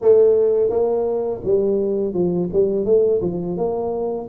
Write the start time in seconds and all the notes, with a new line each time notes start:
0.01 A3
0.69 A#3
1.43 G3
2.13 F3
2.52 G3
2.85 A3
3.21 F3
3.57 A#3